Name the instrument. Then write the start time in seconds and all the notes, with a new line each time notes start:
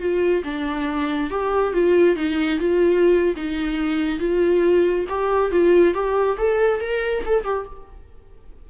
viola
0.00 F4
0.45 D4
1.31 G4
1.74 F4
2.17 D#4
2.60 F4
3.36 D#4
4.20 F4
5.09 G4
5.52 F4
5.95 G4
6.38 A4
6.81 A#4
7.26 A4
7.44 G4